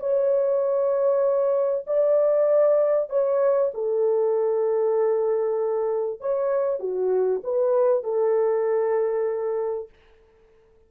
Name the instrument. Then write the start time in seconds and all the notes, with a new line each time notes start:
horn
0.00 C#5
1.87 D5
3.10 C#5
3.74 A4
6.21 C#5
6.80 F#4
7.44 B4
8.04 A4